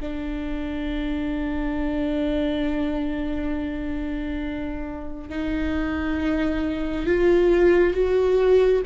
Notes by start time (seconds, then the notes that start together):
0.00 D4
5.29 D#4
7.06 F4
7.94 F#4